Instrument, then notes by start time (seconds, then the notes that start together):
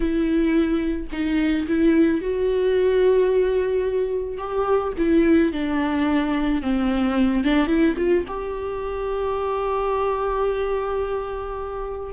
viola
0.00 E4
1.12 D#4
1.67 E4
2.21 F#4
4.37 G4
4.97 E4
5.52 D4
6.62 C4
7.44 D4
7.66 E4
7.97 F4
8.27 G4